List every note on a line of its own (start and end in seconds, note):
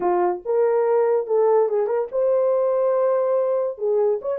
0.00 0.41 F4
0.45 1.27 A#4
1.27 1.68 A4
1.68 1.87 G#4
1.87 2.08 A#4
2.11 3.78 C5
3.78 4.20 G#4
4.21 4.38 C#5